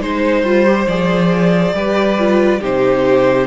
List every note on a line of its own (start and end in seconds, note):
0.00 0.42 G#3
0.00 0.45 D#4
0.00 1.75 C5
0.00 0.88 C5
0.42 0.86 G3
0.42 0.66 F4
0.66 0.88 G4
0.87 1.73 F3
0.87 1.75 G#4
0.87 2.62 D5
1.73 2.60 G3
1.73 2.18 G4
1.73 2.60 B4
2.18 2.60 F4
2.60 3.47 C3
2.60 3.47 D#4
2.60 3.47 G4
2.60 3.47 C5